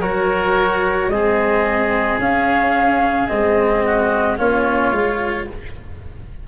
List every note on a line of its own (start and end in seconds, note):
0.00 1.08 F#3
0.00 1.11 F#4
0.00 1.09 A#4
0.00 1.09 C#5
1.08 2.17 G#3
1.08 2.20 C4
1.08 3.85 G#4
1.08 2.18 D#5
2.19 3.28 C#4
2.19 3.27 F5
3.27 4.38 G#3
3.27 4.37 C4
3.27 4.37 D#5
3.85 4.38 F#4
4.37 4.91 A#3
4.37 4.92 C#4
4.37 5.47 F4
4.37 5.47 C#5
4.91 5.46 G#3
4.91 5.46 F4